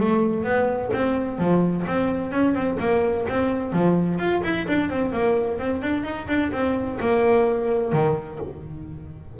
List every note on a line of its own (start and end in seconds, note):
0.00 0.44 A3
0.44 0.91 B3
0.93 1.39 C4
1.39 1.85 F3
1.88 2.32 C4
2.32 2.54 C#4
2.54 2.78 C4
2.80 3.27 A#3
3.29 3.73 C4
3.73 4.19 F3
4.19 4.42 F4
4.44 4.67 E4
4.68 4.90 D4
4.90 5.12 C4
5.12 5.59 A#3
5.59 5.82 C4
5.82 6.04 D4
6.04 6.27 D#4
6.28 6.52 D4
6.52 6.99 C4
7.01 7.93 A#3
7.93 8.39 D#3